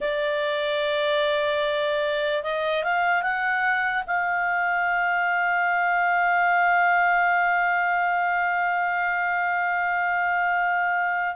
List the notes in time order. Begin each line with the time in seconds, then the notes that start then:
0.00 D5
2.43 D#5
2.83 F5
3.22 F#5
4.07 F5